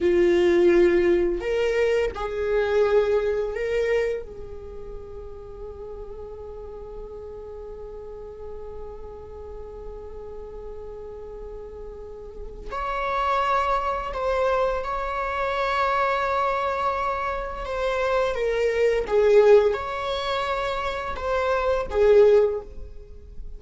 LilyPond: \new Staff \with { instrumentName = "viola" } { \time 4/4 \tempo 4 = 85 f'2 ais'4 gis'4~ | gis'4 ais'4 gis'2~ | gis'1~ | gis'1~ |
gis'2 cis''2 | c''4 cis''2.~ | cis''4 c''4 ais'4 gis'4 | cis''2 c''4 gis'4 | }